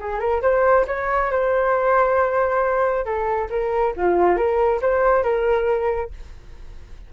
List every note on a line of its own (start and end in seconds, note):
0.00 0.20 G#4
0.20 0.42 A#4
0.42 0.86 C5
0.88 1.32 C#5
1.32 3.06 C5
3.06 3.49 A4
3.50 3.94 A#4
3.97 4.37 F4
4.37 4.81 A#4
4.82 5.24 C5
5.24 6.11 A#4